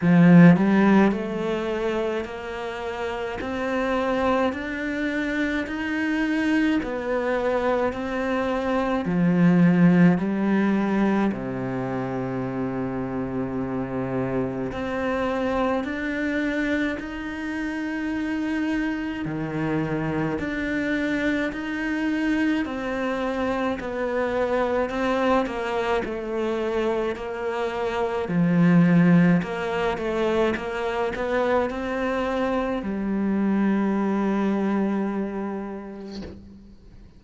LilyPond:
\new Staff \with { instrumentName = "cello" } { \time 4/4 \tempo 4 = 53 f8 g8 a4 ais4 c'4 | d'4 dis'4 b4 c'4 | f4 g4 c2~ | c4 c'4 d'4 dis'4~ |
dis'4 dis4 d'4 dis'4 | c'4 b4 c'8 ais8 a4 | ais4 f4 ais8 a8 ais8 b8 | c'4 g2. | }